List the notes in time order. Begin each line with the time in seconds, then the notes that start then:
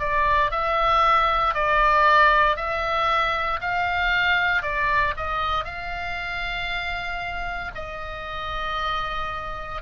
0.00 D5
0.51 E5
1.54 D5
2.57 E5
3.61 F5
4.62 D5
5.17 D#5
5.65 F5
7.75 D#5